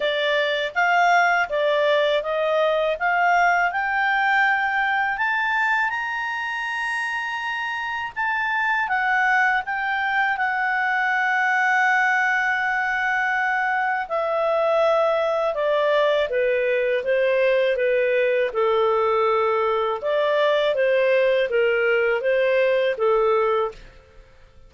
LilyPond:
\new Staff \with { instrumentName = "clarinet" } { \time 4/4 \tempo 4 = 81 d''4 f''4 d''4 dis''4 | f''4 g''2 a''4 | ais''2. a''4 | fis''4 g''4 fis''2~ |
fis''2. e''4~ | e''4 d''4 b'4 c''4 | b'4 a'2 d''4 | c''4 ais'4 c''4 a'4 | }